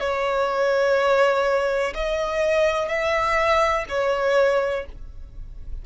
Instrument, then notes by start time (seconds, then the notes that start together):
violin
0.00 C#5
1.95 D#5
2.89 E5
3.89 C#5